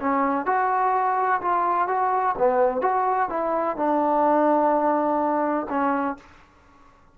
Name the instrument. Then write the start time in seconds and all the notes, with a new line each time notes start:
trombone
0.00 C#4
0.46 F#4
1.42 F4
1.88 F#4
2.38 B3
2.82 F#4
3.29 E4
3.77 D4
5.69 C#4